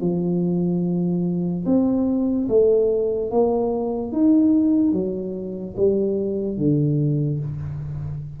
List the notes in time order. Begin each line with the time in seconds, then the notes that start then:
0.00 F3
1.65 C4
2.48 A3
3.30 A#3
4.12 D#4
4.92 F#3
5.76 G3
6.57 D3